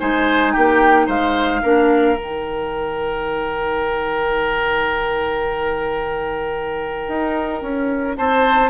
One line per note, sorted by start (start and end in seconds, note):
0.00 0.56 G#3
0.00 1.64 D#4
0.00 0.54 C5
0.00 0.53 G#5
0.53 1.08 A#3
0.53 1.07 G4
0.53 1.07 G5
1.07 1.62 G#3
1.07 1.61 C5
1.07 2.17 F5
1.63 2.17 A#3
1.63 2.17 D4
1.63 8.17 A#4
2.17 7.08 D#3
2.17 8.70 D#4
2.17 8.17 G5
7.08 7.62 D#4
7.62 8.17 C#4
8.17 8.70 C4
8.17 8.70 C5
8.17 8.70 A5